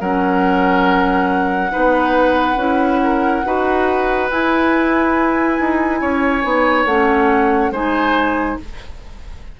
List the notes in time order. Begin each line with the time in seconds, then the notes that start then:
0.00 F#3 C#4 A#4 F#5
1.71 B3 D#4 B4
2.56 C#4 E4
3.03 A#4
3.45 D#4 F#4 B4
4.30 E4 G#5
5.60 D#4
6.01 C#4 C#5
6.43 B3 D#4
6.85 A3 C#4 F#5
7.71 G#3 D#4 C5 G#5